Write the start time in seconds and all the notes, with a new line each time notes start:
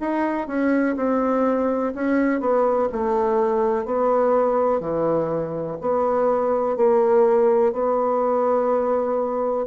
0.00 D#4
0.48 C#4
0.96 C4
1.94 C#4
2.40 B3
2.92 A3
3.85 B3
4.80 E3
5.81 B3
6.77 A#3
7.72 B3